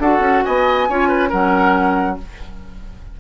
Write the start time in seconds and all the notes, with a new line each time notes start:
0.00 D4 F#4 A4 F#5
0.20 C#4
0.44 B3 D#5 G#5
0.89 C#4 F4 C#5
1.09 B4
1.29 F#3 C#4 A#4 F#5